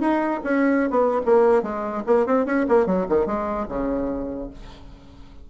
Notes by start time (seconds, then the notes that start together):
0.00 D#4
0.44 C#4
0.90 B3
1.25 A#3
1.62 G#3
2.06 A#3
2.26 C4
2.46 C#4
2.69 A#3
2.86 F#3
3.09 D#3
3.26 G#3
3.69 C#3